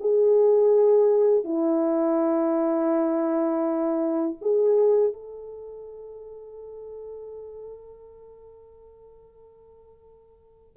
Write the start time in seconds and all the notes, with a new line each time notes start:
0.00 G#4
1.44 E4
4.41 G#4
5.13 A4